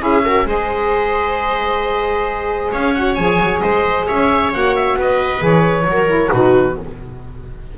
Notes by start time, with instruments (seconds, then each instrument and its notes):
0.00 double bass C#4, saxophone E4, viola G#4, oboe E5
0.24 saxophone F#4, viola A#4
0.46 double bass G#3, saxophone G#4, viola C5, oboe D#5
2.72 double bass C#4, viola C#5, oboe F5
2.95 saxophone F#4, oboe F#5
3.15 double bass F3, saxophone G#4, oboe G#5
3.40 double bass F#3
3.61 double bass G#3, viola C5, oboe D#5
4.08 double bass C#4, viola C#5, oboe E5
4.54 double bass A#3, saxophone F#4, oboe F#5
4.76 oboe E5
4.97 double bass B3, viola B4, oboe D#5
5.40 double bass E3, saxophone G#4, oboe C#5
5.85 double bass F#3, saxophone F#4
5.92 viola A#4
6.07 saxophone E4
6.31 double bass B2, saxophone D#4, viola F#4, oboe B4